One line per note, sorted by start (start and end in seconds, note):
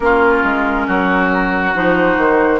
0.00 0.43 A#3
0.00 1.74 C#4
0.00 0.87 F4
0.00 1.74 A#4
0.43 0.87 G#3
0.87 1.74 F#3
0.87 2.59 F#4
1.74 2.17 F3
1.74 2.59 D#4
1.74 2.59 C5
2.17 2.59 D#3